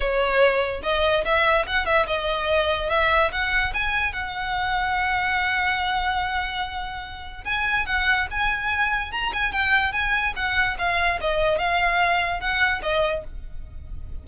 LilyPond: \new Staff \with { instrumentName = "violin" } { \time 4/4 \tempo 4 = 145 cis''2 dis''4 e''4 | fis''8 e''8 dis''2 e''4 | fis''4 gis''4 fis''2~ | fis''1~ |
fis''2 gis''4 fis''4 | gis''2 ais''8 gis''8 g''4 | gis''4 fis''4 f''4 dis''4 | f''2 fis''4 dis''4 | }